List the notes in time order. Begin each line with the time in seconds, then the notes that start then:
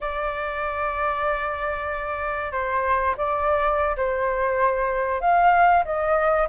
0.00 D5
2.52 C5
3.17 D5
3.96 C5
5.20 F5
5.84 D#5